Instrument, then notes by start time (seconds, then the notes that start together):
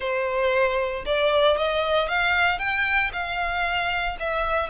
violin
0.00 C5
1.05 D5
1.57 D#5
2.08 F5
2.58 G5
3.12 F5
4.19 E5